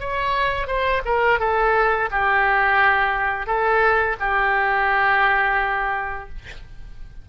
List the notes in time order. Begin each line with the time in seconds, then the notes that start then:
0.00 C#5
0.67 C5
1.05 A#4
1.40 A4
2.11 G4
3.47 A4
4.20 G4